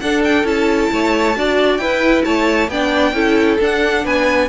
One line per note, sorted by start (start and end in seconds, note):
0.00 0.44 D4
0.00 0.45 D4
0.00 0.92 A4
0.00 0.22 F#5
0.24 0.47 G5
0.44 0.89 C#4
0.44 1.34 E4
0.44 1.77 A5
0.93 1.36 A3
0.93 1.38 C#5
1.36 1.79 D4
1.36 1.80 F#4
1.36 1.82 D5
1.77 2.24 E4
1.77 2.69 E4
1.77 2.25 B4
1.77 2.22 G5
2.25 2.68 A3
2.25 2.70 C#5
2.25 2.70 A5
2.68 3.13 B3
2.68 3.14 D4
2.68 3.15 D5
2.68 3.59 G5
3.13 3.58 C#4
3.13 3.59 E4
3.13 4.05 A4
3.60 4.49 D4
3.60 4.05 D4
3.60 4.06 F#5
4.05 4.49 B3
4.05 4.49 B4
4.05 4.49 G#5